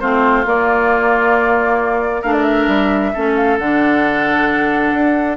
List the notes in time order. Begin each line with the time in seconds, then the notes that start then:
0.00 A3 C4 F4 C5
0.45 A#3 D5
2.21 A3 D4 A#4 F5
2.32 D5
2.43 E5
2.67 G3
3.13 A3 C#4 A4
3.36 F5
3.58 D3 D4 F#5
4.93 D4